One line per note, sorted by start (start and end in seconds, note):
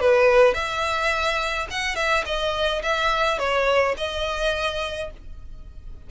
0.00 0.54 B4
0.54 1.67 E5
1.70 1.96 F#5
1.96 2.24 E5
2.26 2.82 D#5
2.83 3.39 E5
3.39 3.95 C#5
3.98 5.11 D#5